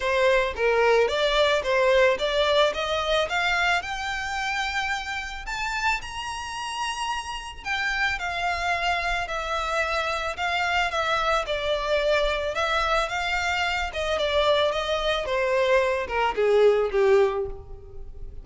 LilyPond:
\new Staff \with { instrumentName = "violin" } { \time 4/4 \tempo 4 = 110 c''4 ais'4 d''4 c''4 | d''4 dis''4 f''4 g''4~ | g''2 a''4 ais''4~ | ais''2 g''4 f''4~ |
f''4 e''2 f''4 | e''4 d''2 e''4 | f''4. dis''8 d''4 dis''4 | c''4. ais'8 gis'4 g'4 | }